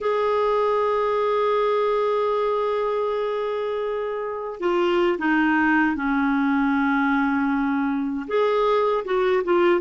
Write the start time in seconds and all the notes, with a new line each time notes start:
0.00 G#4
4.60 F4
5.18 D#4
5.95 C#4
8.27 G#4
9.04 F#4
9.44 F4